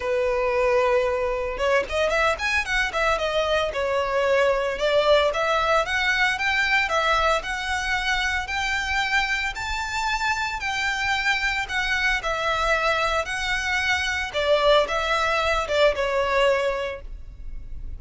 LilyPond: \new Staff \with { instrumentName = "violin" } { \time 4/4 \tempo 4 = 113 b'2. cis''8 dis''8 | e''8 gis''8 fis''8 e''8 dis''4 cis''4~ | cis''4 d''4 e''4 fis''4 | g''4 e''4 fis''2 |
g''2 a''2 | g''2 fis''4 e''4~ | e''4 fis''2 d''4 | e''4. d''8 cis''2 | }